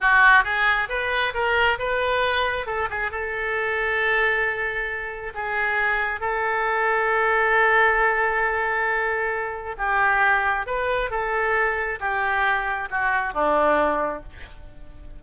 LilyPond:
\new Staff \with { instrumentName = "oboe" } { \time 4/4 \tempo 4 = 135 fis'4 gis'4 b'4 ais'4 | b'2 a'8 gis'8 a'4~ | a'1 | gis'2 a'2~ |
a'1~ | a'2 g'2 | b'4 a'2 g'4~ | g'4 fis'4 d'2 | }